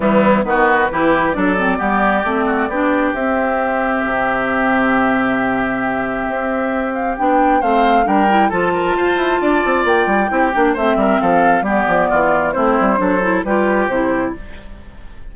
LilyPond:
<<
  \new Staff \with { instrumentName = "flute" } { \time 4/4 \tempo 4 = 134 e'4 b'2 d''4~ | d''2. e''4~ | e''1~ | e''2.~ e''8 f''8 |
g''4 f''4 g''4 a''4~ | a''2 g''2 | e''4 f''4 d''2 | c''2 b'4 c''4 | }
  \new Staff \with { instrumentName = "oboe" } { \time 4/4 b4 fis'4 g'4 a'4 | g'4. fis'8 g'2~ | g'1~ | g'1~ |
g'4 c''4 ais'4 a'8 ais'8 | c''4 d''2 g'4 | c''8 ais'8 a'4 g'4 f'4 | e'4 a'4 g'2 | }
  \new Staff \with { instrumentName = "clarinet" } { \time 4/4 g4 b4 e'4 d'8 c'8 | b4 c'4 d'4 c'4~ | c'1~ | c'1 |
d'4 c'4 d'8 e'8 f'4~ | f'2. e'8 d'8 | c'2 b2 | c'4 d'8 e'8 f'4 e'4 | }
  \new Staff \with { instrumentName = "bassoon" } { \time 4/4 e4 dis4 e4 fis4 | g4 a4 b4 c'4~ | c'4 c2.~ | c2 c'2 |
b4 a4 g4 f4 | f'8 e'8 d'8 c'8 ais8 g8 c'8 ais8 | a8 g8 f4 g8 f8 e4 | a8 g8 fis4 g4 c4 | }
>>